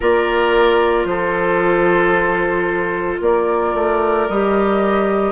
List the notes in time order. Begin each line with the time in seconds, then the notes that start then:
0.00 A#3 F4 A#4 D5
1.04 F3 A4 C5
3.21 A#3 A#4 D5
3.74 A3
4.28 G3 G4 D#5